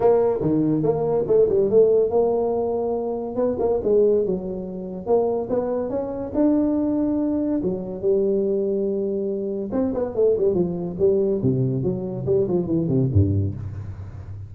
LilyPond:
\new Staff \with { instrumentName = "tuba" } { \time 4/4 \tempo 4 = 142 ais4 dis4 ais4 a8 g8 | a4 ais2. | b8 ais8 gis4 fis2 | ais4 b4 cis'4 d'4~ |
d'2 fis4 g4~ | g2. c'8 b8 | a8 g8 f4 g4 c4 | fis4 g8 f8 e8 c8 g,4 | }